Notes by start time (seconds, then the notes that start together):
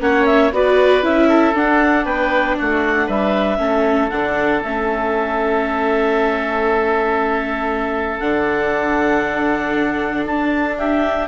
0.00 A#3 C#4 C#5 F#5
0.26 E5
0.52 B3 F#4 B4 D5
1.02 C#4 E4 E5
1.29 A4
1.54 D4 F#5
2.04 B3 B4 G5
2.59 A3 F#4 F#5
3.06 G3 B4 E5
3.58 A3 C#4 A4
4.10 D3 D4 F#5
4.63 A3 C#4 E5
8.19 D3 D4 F#5
10.26 D4 A5
10.78 G4 E5